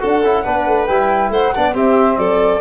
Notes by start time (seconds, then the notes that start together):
0.00 D4 F#4 A4 F#5
0.24 C#4 E4
0.44 B3 D4 B4
0.67 A3
0.87 G3 E4 G5
1.30 A3 C5 F#5
1.55 B3 D4 D5
1.73 C4 G4 E5
2.18 F#3 A4 D5